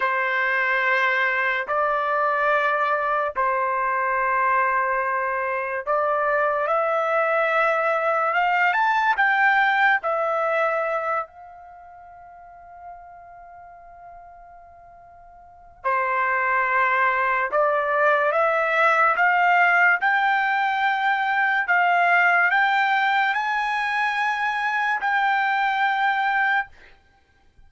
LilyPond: \new Staff \with { instrumentName = "trumpet" } { \time 4/4 \tempo 4 = 72 c''2 d''2 | c''2. d''4 | e''2 f''8 a''8 g''4 | e''4. f''2~ f''8~ |
f''2. c''4~ | c''4 d''4 e''4 f''4 | g''2 f''4 g''4 | gis''2 g''2 | }